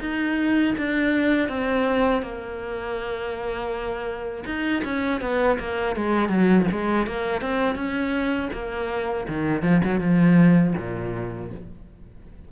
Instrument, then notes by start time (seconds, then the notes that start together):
cello
0.00 D#4
0.77 D4
1.48 C4
2.22 A#3
4.45 D#4
4.84 C#4
5.21 B3
5.59 A#3
5.96 G#3
6.29 F#3
6.71 G#3
7.06 A#3
7.41 C4
7.75 C#4
8.53 A#3
9.28 D#3
9.62 F3
9.84 F#3
10.00 F3
10.77 A#2